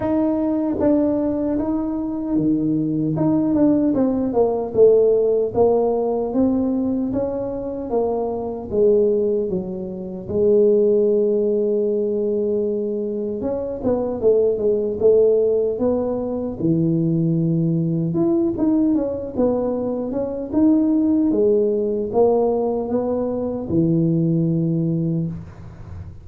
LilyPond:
\new Staff \with { instrumentName = "tuba" } { \time 4/4 \tempo 4 = 76 dis'4 d'4 dis'4 dis4 | dis'8 d'8 c'8 ais8 a4 ais4 | c'4 cis'4 ais4 gis4 | fis4 gis2.~ |
gis4 cis'8 b8 a8 gis8 a4 | b4 e2 e'8 dis'8 | cis'8 b4 cis'8 dis'4 gis4 | ais4 b4 e2 | }